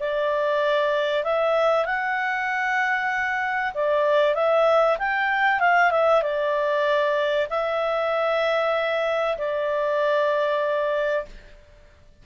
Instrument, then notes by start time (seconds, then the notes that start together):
clarinet
0.00 D5
1.24 E5
1.86 F#5
3.74 D5
4.35 E5
4.99 G5
5.60 F5
5.91 E5
6.22 D5
7.50 E5
9.38 D5